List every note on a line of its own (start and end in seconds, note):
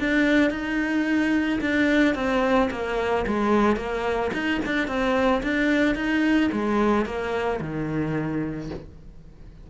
0.00 0.51 D4
0.51 1.60 D#4
1.61 2.15 D4
2.15 2.70 C4
2.71 3.26 A#3
3.27 3.77 G#3
3.77 4.31 A#3
4.33 4.61 D#4
4.66 4.88 D4
4.88 5.42 C4
5.43 5.96 D4
5.96 6.50 D#4
6.52 7.06 G#3
7.06 7.60 A#3
7.61 8.70 D#3